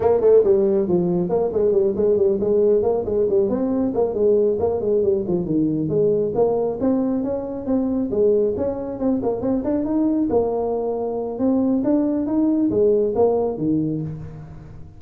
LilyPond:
\new Staff \with { instrumentName = "tuba" } { \time 4/4 \tempo 4 = 137 ais8 a8 g4 f4 ais8 gis8 | g8 gis8 g8 gis4 ais8 gis8 g8 | c'4 ais8 gis4 ais8 gis8 g8 | f8 dis4 gis4 ais4 c'8~ |
c'8 cis'4 c'4 gis4 cis'8~ | cis'8 c'8 ais8 c'8 d'8 dis'4 ais8~ | ais2 c'4 d'4 | dis'4 gis4 ais4 dis4 | }